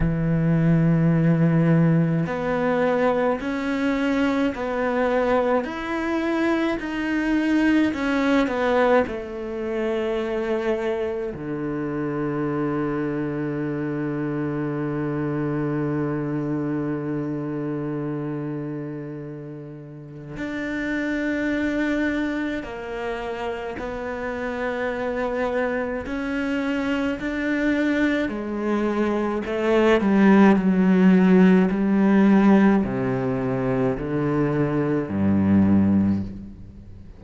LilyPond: \new Staff \with { instrumentName = "cello" } { \time 4/4 \tempo 4 = 53 e2 b4 cis'4 | b4 e'4 dis'4 cis'8 b8 | a2 d2~ | d1~ |
d2 d'2 | ais4 b2 cis'4 | d'4 gis4 a8 g8 fis4 | g4 c4 d4 g,4 | }